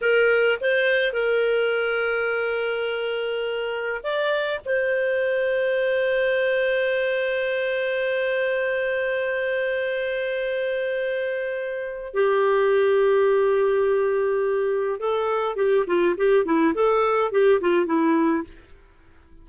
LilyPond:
\new Staff \with { instrumentName = "clarinet" } { \time 4/4 \tempo 4 = 104 ais'4 c''4 ais'2~ | ais'2. d''4 | c''1~ | c''1~ |
c''1~ | c''4 g'2.~ | g'2 a'4 g'8 f'8 | g'8 e'8 a'4 g'8 f'8 e'4 | }